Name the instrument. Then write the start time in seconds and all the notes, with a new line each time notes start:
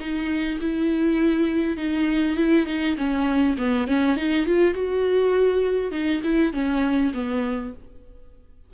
viola
0.00 D#4
0.61 E4
1.77 D#4
2.37 E4
2.67 D#4
2.98 C#4
3.58 B3
3.88 C#4
4.17 D#4
4.47 F4
4.75 F#4
5.92 D#4
6.24 E4
6.53 C#4
7.14 B3